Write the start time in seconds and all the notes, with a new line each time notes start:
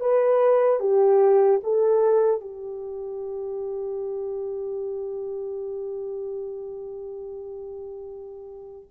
0.00 B4
0.80 G4
1.63 A4
2.41 G4